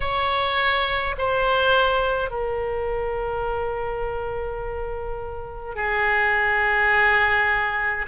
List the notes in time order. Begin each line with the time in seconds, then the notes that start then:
0.00 C#5
1.18 C5
2.30 A#4
5.75 G#4